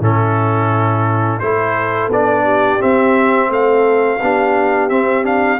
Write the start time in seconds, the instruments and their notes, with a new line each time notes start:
0.00 tuba A2, trombone C#4, horn E4, trumpet A4
1.39 tuba A3, trombone E4, horn A4, trumpet C5
2.08 tuba B3, trombone D4, trumpet D5
2.43 horn G4
2.79 trombone C4, tuba C4, trumpet E5
3.49 tuba A3, horn A4, trumpet F5
4.22 tuba B3, trombone D4, horn G4
4.89 trombone C4, tuba C4, trumpet E5
5.23 trombone D4, trumpet F5